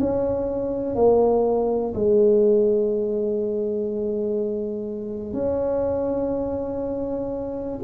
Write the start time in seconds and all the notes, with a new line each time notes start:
0.00 C#4
0.95 A#3
1.94 G#3
5.33 C#4